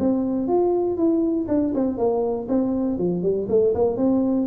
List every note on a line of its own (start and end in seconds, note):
0.00 0.48 C4
0.48 0.97 F4
0.97 1.47 E4
1.48 1.73 D4
1.75 1.98 C4
1.98 2.48 A#3
2.49 2.98 C4
2.98 3.23 F3
3.23 3.48 G3
3.49 3.74 A3
3.75 3.97 A#3
3.97 4.47 C4